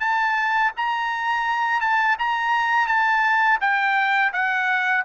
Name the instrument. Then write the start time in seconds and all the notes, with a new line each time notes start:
trumpet
0.00 A5
0.77 A#5
1.81 A5
2.19 A#5
2.87 A5
3.61 G5
4.33 F#5